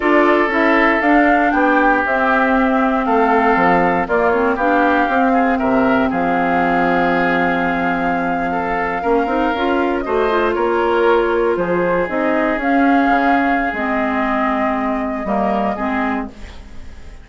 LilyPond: <<
  \new Staff \with { instrumentName = "flute" } { \time 4/4 \tempo 4 = 118 d''4 e''4 f''4 g''4 | e''2 f''2 | d''8 cis''8 f''2 e''4 | f''1~ |
f''2.~ f''8. dis''16~ | dis''8. cis''2 c''4 dis''16~ | dis''8. f''2~ f''16 dis''4~ | dis''1 | }
  \new Staff \with { instrumentName = "oboe" } { \time 4/4 a'2. g'4~ | g'2 a'2 | f'4 g'4. gis'8 ais'4 | gis'1~ |
gis'8. a'4 ais'2 c''16~ | c''8. ais'2 gis'4~ gis'16~ | gis'1~ | gis'2 ais'4 gis'4 | }
  \new Staff \with { instrumentName = "clarinet" } { \time 4/4 f'4 e'4 d'2 | c'1 | ais8 c'8 d'4 c'2~ | c'1~ |
c'4.~ c'16 cis'8 dis'8 f'4 fis'16~ | fis'16 f'2.~ f'8 dis'16~ | dis'8. cis'2~ cis'16 c'4~ | c'2 ais4 c'4 | }
  \new Staff \with { instrumentName = "bassoon" } { \time 4/4 d'4 cis'4 d'4 b4 | c'2 a4 f4 | ais4 b4 c'4 c4 | f1~ |
f4.~ f16 ais8 c'8 cis'4 a16~ | a8. ais2 f4 c'16~ | c'8. cis'4 cis4~ cis16 gis4~ | gis2 g4 gis4 | }
>>